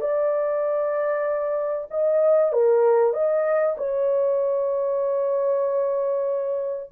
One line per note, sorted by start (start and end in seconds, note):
0.00 1.88 D5
1.90 2.52 D#5
2.52 3.13 A#4
3.13 3.75 D#5
3.77 6.89 C#5